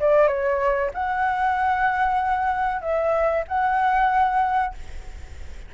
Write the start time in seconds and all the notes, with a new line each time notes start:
0.00 D5
0.28 C#5
0.94 F#5
2.81 E5
3.48 F#5